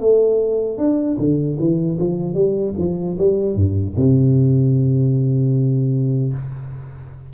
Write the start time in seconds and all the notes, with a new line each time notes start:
0.00 A3
0.78 D4
1.18 D3
1.59 E3
2.00 F3
2.34 G3
2.78 F3
3.18 G3
3.56 G2
3.97 C3